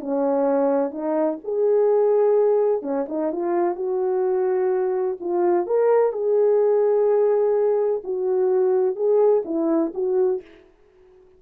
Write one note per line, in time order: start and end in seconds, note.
0.00 0.91 C#4
0.91 1.38 D#4
1.44 2.82 G#4
2.82 3.06 C#4
3.09 3.32 D#4
3.32 3.75 F4
3.75 5.17 F#4
5.20 5.67 F4
5.67 6.13 A#4
6.13 8.02 G#4
8.04 8.95 F#4
8.95 9.43 G#4
9.45 9.92 E4
9.94 10.41 F#4